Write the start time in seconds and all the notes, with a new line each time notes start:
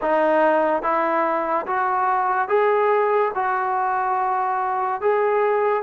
0.01 D#4
0.82 E4
1.66 F#4
2.48 G#4
3.34 F#4
5.01 G#4